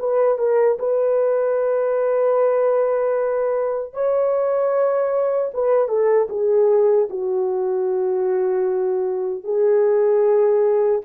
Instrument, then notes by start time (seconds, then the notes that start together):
horn
0.00 B4
0.39 A#4
0.79 B4
3.94 C#5
5.54 B4
5.89 A4
6.30 G#4
7.10 F#4
9.44 G#4